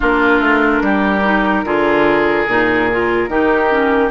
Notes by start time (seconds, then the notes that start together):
0.00 A#3 D4 F4 A#4
0.39 A3
0.81 G3 G4
1.23 D#4
1.64 D3 F4 G#4
2.47 A#2 D#4
2.91 F4
3.28 D#3 D#4 G4
3.69 C#4